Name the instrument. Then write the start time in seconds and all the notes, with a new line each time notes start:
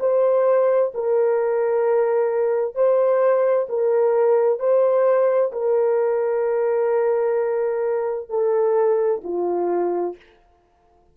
horn
0.00 C5
0.94 A#4
2.75 C5
3.69 A#4
4.59 C5
5.53 A#4
8.30 A4
9.24 F4